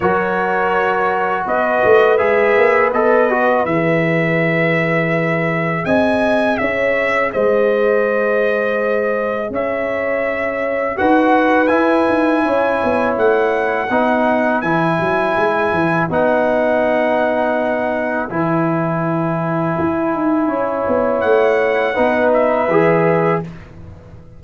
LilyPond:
<<
  \new Staff \with { instrumentName = "trumpet" } { \time 4/4 \tempo 4 = 82 cis''2 dis''4 e''4 | dis''4 e''2. | gis''4 e''4 dis''2~ | dis''4 e''2 fis''4 |
gis''2 fis''2 | gis''2 fis''2~ | fis''4 gis''2.~ | gis''4 fis''4. e''4. | }
  \new Staff \with { instrumentName = "horn" } { \time 4/4 ais'2 b'2~ | b'1 | dis''4 cis''4 c''2~ | c''4 cis''2 b'4~ |
b'4 cis''2 b'4~ | b'1~ | b'1 | cis''2 b'2 | }
  \new Staff \with { instrumentName = "trombone" } { \time 4/4 fis'2. gis'4 | a'8 fis'8 gis'2.~ | gis'1~ | gis'2. fis'4 |
e'2. dis'4 | e'2 dis'2~ | dis'4 e'2.~ | e'2 dis'4 gis'4 | }
  \new Staff \with { instrumentName = "tuba" } { \time 4/4 fis2 b8 a8 gis8 ais8 | b4 e2. | c'4 cis'4 gis2~ | gis4 cis'2 dis'4 |
e'8 dis'8 cis'8 b8 a4 b4 | e8 fis8 gis8 e8 b2~ | b4 e2 e'8 dis'8 | cis'8 b8 a4 b4 e4 | }
>>